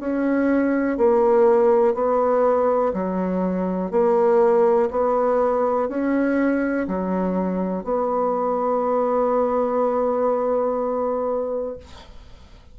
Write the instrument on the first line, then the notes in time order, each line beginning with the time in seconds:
bassoon
0.00 C#4
0.97 A#3
1.94 B3
2.94 F#3
3.91 A#3
4.90 B3
5.89 C#4
6.88 F#3
7.84 B3